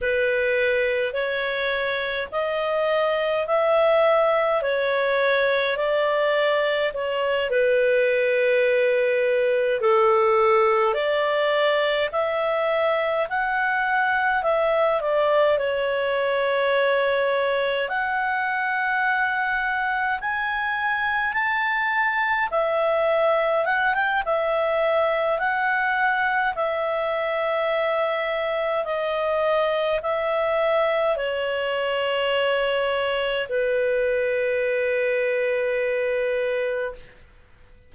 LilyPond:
\new Staff \with { instrumentName = "clarinet" } { \time 4/4 \tempo 4 = 52 b'4 cis''4 dis''4 e''4 | cis''4 d''4 cis''8 b'4.~ | b'8 a'4 d''4 e''4 fis''8~ | fis''8 e''8 d''8 cis''2 fis''8~ |
fis''4. gis''4 a''4 e''8~ | e''8 fis''16 g''16 e''4 fis''4 e''4~ | e''4 dis''4 e''4 cis''4~ | cis''4 b'2. | }